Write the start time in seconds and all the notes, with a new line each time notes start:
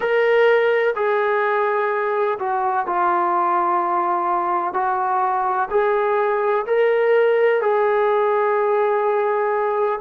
0.00 A#4
0.95 G#4
2.39 F#4
2.86 F4
4.73 F#4
5.70 G#4
6.66 A#4
7.61 G#4